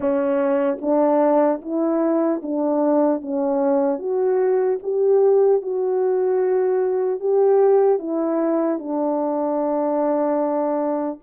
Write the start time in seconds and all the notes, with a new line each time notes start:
0.00 C#4
0.81 D4
1.61 E4
2.42 D4
3.21 C#4
3.99 F#4
4.83 G4
5.61 F#4
7.20 G4
7.98 E4
8.79 D4